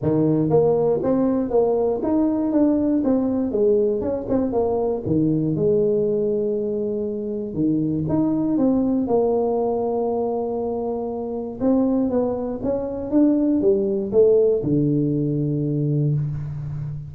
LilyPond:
\new Staff \with { instrumentName = "tuba" } { \time 4/4 \tempo 4 = 119 dis4 ais4 c'4 ais4 | dis'4 d'4 c'4 gis4 | cis'8 c'8 ais4 dis4 gis4~ | gis2. dis4 |
dis'4 c'4 ais2~ | ais2. c'4 | b4 cis'4 d'4 g4 | a4 d2. | }